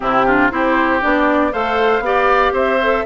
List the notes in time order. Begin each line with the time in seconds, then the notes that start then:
0.00 C3 C4 E4 G4
0.25 D4 F4
0.50 C4 E4 G4 C5
1.01 B3 D4 D5
1.52 A3 A4 C5 F5
2.00 B3 G4 D5
2.52 C4 C5 E5
2.81 A4